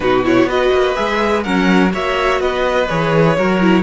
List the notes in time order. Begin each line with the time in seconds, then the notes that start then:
0.00 B2 D#4 F#4 B4
0.24 E4 C#5
0.44 B3 F#4 B4 D#5
0.72 A#3
0.94 G#3 G#4 E5
1.43 F#3 C#4 A#4 F#5
1.89 A#3 F#4 C#5 E5
2.40 B3 B4 D#5
2.89 E3 G#4 C#5
3.37 F#3 F#4 A#4
3.61 E4